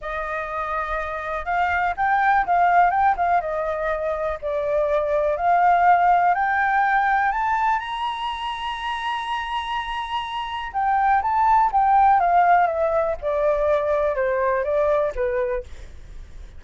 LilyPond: \new Staff \with { instrumentName = "flute" } { \time 4/4 \tempo 4 = 123 dis''2. f''4 | g''4 f''4 g''8 f''8 dis''4~ | dis''4 d''2 f''4~ | f''4 g''2 a''4 |
ais''1~ | ais''2 g''4 a''4 | g''4 f''4 e''4 d''4~ | d''4 c''4 d''4 b'4 | }